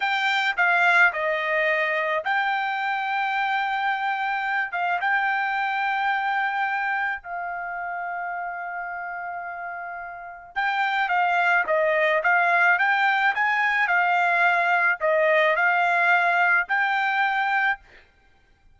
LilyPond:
\new Staff \with { instrumentName = "trumpet" } { \time 4/4 \tempo 4 = 108 g''4 f''4 dis''2 | g''1~ | g''8 f''8 g''2.~ | g''4 f''2.~ |
f''2. g''4 | f''4 dis''4 f''4 g''4 | gis''4 f''2 dis''4 | f''2 g''2 | }